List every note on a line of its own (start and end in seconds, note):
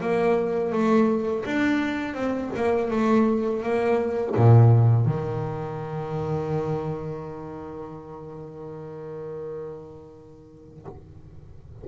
0.00 0.72 A#3
0.72 1.44 A3
1.45 2.14 D4
2.14 2.50 C4
2.55 2.90 A#3
2.90 3.62 A3
3.62 4.35 A#3
4.35 5.05 A#2
5.05 10.84 D#3